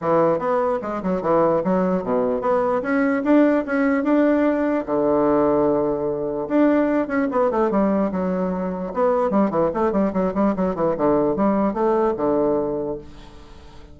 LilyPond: \new Staff \with { instrumentName = "bassoon" } { \time 4/4 \tempo 4 = 148 e4 b4 gis8 fis8 e4 | fis4 b,4 b4 cis'4 | d'4 cis'4 d'2 | d1 |
d'4. cis'8 b8 a8 g4 | fis2 b4 g8 e8 | a8 g8 fis8 g8 fis8 e8 d4 | g4 a4 d2 | }